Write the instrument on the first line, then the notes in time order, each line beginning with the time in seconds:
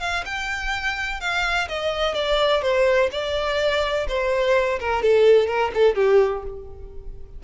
violin
0.00 F5
0.25 G5
1.20 F5
1.68 D#5
2.14 D5
2.62 C5
3.11 D5
4.08 C5
4.79 A#4
5.02 A4
5.47 A#4
5.74 A4
5.95 G4